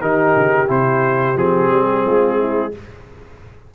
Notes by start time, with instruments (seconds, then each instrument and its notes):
0.00 tuba D#3, trombone D#4, horn G4, trumpet A#4
0.36 tuba C#3
0.67 tuba C3, trombone E4, trumpet C5
1.35 tuba F3, trombone C4, trumpet G#4
1.71 tuba G3
2.05 tuba G#3, horn F4
2.39 horn E4